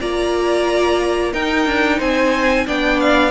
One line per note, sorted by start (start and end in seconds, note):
0.00 1.33 A#3
0.00 1.32 F4
0.00 1.33 D5
0.00 1.33 A#5
1.32 2.66 D#4
1.32 1.66 D#4
1.32 1.98 A#4
1.32 2.00 G5
1.66 1.99 D4
1.98 2.66 C4
1.98 2.65 C5
1.98 2.67 G#5
2.66 3.30 B3
2.66 3.30 D4
2.66 3.30 D5
2.66 3.00 G5
3.00 3.30 F5